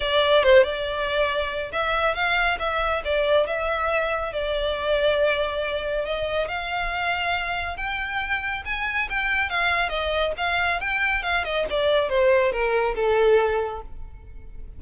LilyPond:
\new Staff \with { instrumentName = "violin" } { \time 4/4 \tempo 4 = 139 d''4 c''8 d''2~ d''8 | e''4 f''4 e''4 d''4 | e''2 d''2~ | d''2 dis''4 f''4~ |
f''2 g''2 | gis''4 g''4 f''4 dis''4 | f''4 g''4 f''8 dis''8 d''4 | c''4 ais'4 a'2 | }